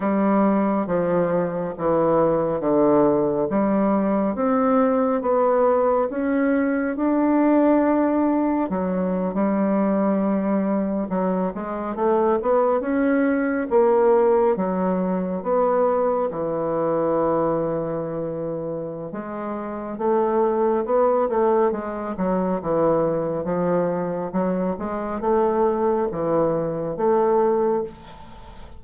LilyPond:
\new Staff \with { instrumentName = "bassoon" } { \time 4/4 \tempo 4 = 69 g4 f4 e4 d4 | g4 c'4 b4 cis'4 | d'2 fis8. g4~ g16~ | g8. fis8 gis8 a8 b8 cis'4 ais16~ |
ais8. fis4 b4 e4~ e16~ | e2 gis4 a4 | b8 a8 gis8 fis8 e4 f4 | fis8 gis8 a4 e4 a4 | }